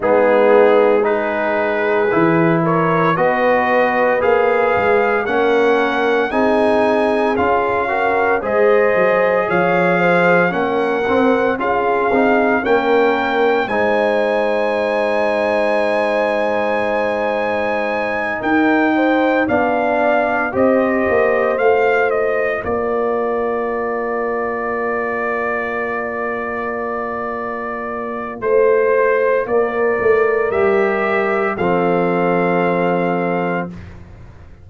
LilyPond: <<
  \new Staff \with { instrumentName = "trumpet" } { \time 4/4 \tempo 4 = 57 gis'4 b'4. cis''8 dis''4 | f''4 fis''4 gis''4 f''4 | dis''4 f''4 fis''4 f''4 | g''4 gis''2.~ |
gis''4. g''4 f''4 dis''8~ | dis''8 f''8 dis''8 d''2~ d''8~ | d''2. c''4 | d''4 e''4 f''2 | }
  \new Staff \with { instrumentName = "horn" } { \time 4/4 dis'4 gis'4. ais'8 b'4~ | b'4 ais'4 gis'4. ais'8 | c''4 cis''8 c''8 ais'4 gis'4 | ais'4 c''2.~ |
c''4. ais'8 c''8 d''4 c''8~ | c''4. ais'2~ ais'8~ | ais'2. c''4 | ais'2 a'2 | }
  \new Staff \with { instrumentName = "trombone" } { \time 4/4 b4 dis'4 e'4 fis'4 | gis'4 cis'4 dis'4 f'8 fis'8 | gis'2 cis'8 c'8 f'8 dis'8 | cis'4 dis'2.~ |
dis'2~ dis'8 d'4 g'8~ | g'8 f'2.~ f'8~ | f'1~ | f'4 g'4 c'2 | }
  \new Staff \with { instrumentName = "tuba" } { \time 4/4 gis2 e4 b4 | ais8 gis8 ais4 c'4 cis'4 | gis8 fis8 f4 ais8 c'8 cis'8 c'8 | ais4 gis2.~ |
gis4. dis'4 b4 c'8 | ais8 a4 ais2~ ais8~ | ais2. a4 | ais8 a8 g4 f2 | }
>>